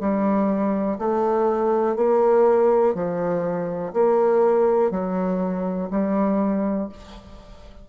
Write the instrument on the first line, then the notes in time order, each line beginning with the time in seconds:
bassoon
0.00 G3
0.99 A3
1.96 A#3
2.95 F3
3.93 A#3
4.91 F#3
5.91 G3